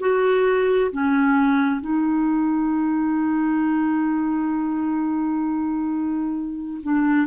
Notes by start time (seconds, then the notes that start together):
0.00 F#4
0.92 C#4
1.81 D#4
6.83 D4